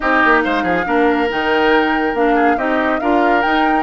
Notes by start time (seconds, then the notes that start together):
0.00 C4 D#4 G4 D#5
0.24 A#3
0.43 G#3 C5 F5
0.63 F3 G#4
0.85 A#3 D4 A#4
1.29 D#3 D#4 G5
2.13 A#3 D4 F5
2.35 G#4
2.56 C4 D#4 G4 D#5
2.99 D4 F4 A#4 F5
3.42 D#4 G5